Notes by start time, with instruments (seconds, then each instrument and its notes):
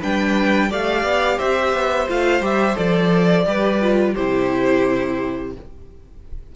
0.00 cello G3, viola D4, violin B4 G5
0.70 cello A3, viola G4, violin D5 F5
1.04 cello B3
1.38 cello C4, violin C5 E5
1.73 cello B3
2.08 cello A3, viola F4, violin F5
2.41 cello G3, viola G4, violin E5
2.76 cello F3, viola A4, violin D5
3.46 cello G3, viola G4, violin B4
3.81 viola F4
4.14 cello C3, viola E4, violin G4 C5